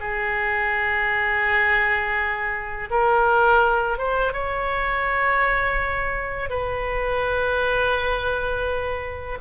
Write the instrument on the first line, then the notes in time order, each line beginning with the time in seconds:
oboe
0.00 G#4
2.90 A#4
3.98 C5
4.32 C#5
6.49 B4